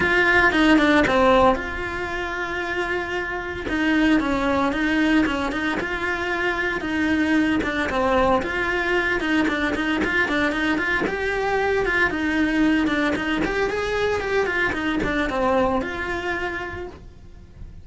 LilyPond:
\new Staff \with { instrumentName = "cello" } { \time 4/4 \tempo 4 = 114 f'4 dis'8 d'8 c'4 f'4~ | f'2. dis'4 | cis'4 dis'4 cis'8 dis'8 f'4~ | f'4 dis'4. d'8 c'4 |
f'4. dis'8 d'8 dis'8 f'8 d'8 | dis'8 f'8 g'4. f'8 dis'4~ | dis'8 d'8 dis'8 g'8 gis'4 g'8 f'8 | dis'8 d'8 c'4 f'2 | }